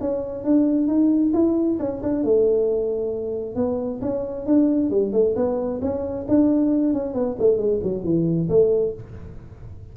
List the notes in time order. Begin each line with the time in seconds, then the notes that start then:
0.00 C#4
0.44 D4
0.87 D#4
1.33 E4
1.79 C#4
2.03 D4
2.24 A3
3.55 B3
4.01 C#4
4.46 D4
4.90 G3
5.12 A3
5.35 B3
5.81 C#4
6.28 D4
6.93 C#4
7.14 B3
7.39 A3
7.57 G#3
7.83 F#3
8.04 E3
8.49 A3